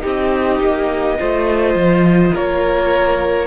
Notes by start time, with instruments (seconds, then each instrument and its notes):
0.00 cello C4, viola D#4, violin G4 D#5
0.59 cello A#3
1.18 cello A3, viola F4, violin C5
1.74 cello F3
2.33 cello A#3, violin A#4 C#5